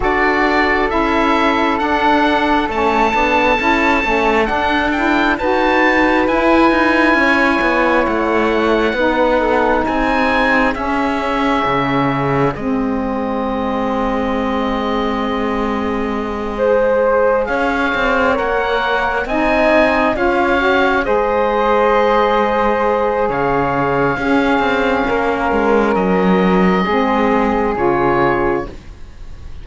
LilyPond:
<<
  \new Staff \with { instrumentName = "oboe" } { \time 4/4 \tempo 4 = 67 d''4 e''4 fis''4 a''4~ | a''4 fis''8 g''8 a''4 gis''4~ | gis''4 fis''2 gis''4 | e''2 dis''2~ |
dis''2.~ dis''8 f''8~ | f''8 fis''4 gis''4 f''4 dis''8~ | dis''2 f''2~ | f''4 dis''2 cis''4 | }
  \new Staff \with { instrumentName = "flute" } { \time 4/4 a'1~ | a'2 b'2 | cis''2 b'8 a'8 gis'4~ | gis'1~ |
gis'2~ gis'8 c''4 cis''8~ | cis''4. dis''4 cis''4 c''8~ | c''2 cis''4 gis'4 | ais'2 gis'2 | }
  \new Staff \with { instrumentName = "saxophone" } { \time 4/4 fis'4 e'4 d'4 cis'8 d'8 | e'8 cis'8 d'8 e'8 fis'4 e'4~ | e'2 dis'2 | cis'2 c'2~ |
c'2~ c'8 gis'4.~ | gis'8 ais'4 dis'4 f'8 fis'8 gis'8~ | gis'2. cis'4~ | cis'2 c'4 f'4 | }
  \new Staff \with { instrumentName = "cello" } { \time 4/4 d'4 cis'4 d'4 a8 b8 | cis'8 a8 d'4 dis'4 e'8 dis'8 | cis'8 b8 a4 b4 c'4 | cis'4 cis4 gis2~ |
gis2.~ gis8 cis'8 | c'8 ais4 c'4 cis'4 gis8~ | gis2 cis4 cis'8 c'8 | ais8 gis8 fis4 gis4 cis4 | }
>>